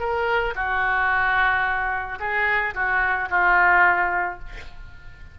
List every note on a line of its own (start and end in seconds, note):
0.00 0.55 A#4
0.56 2.19 F#4
2.20 2.74 G#4
2.75 3.29 F#4
3.30 4.40 F4